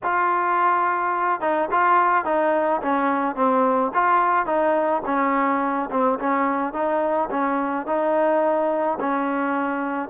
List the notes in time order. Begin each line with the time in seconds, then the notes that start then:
0.03 F4
1.40 D#4
1.71 F4
2.25 D#4
2.81 C#4
3.35 C4
3.94 F4
4.46 D#4
5.05 C#4
5.90 C4
6.19 C#4
6.73 D#4
7.30 C#4
7.86 D#4
8.99 C#4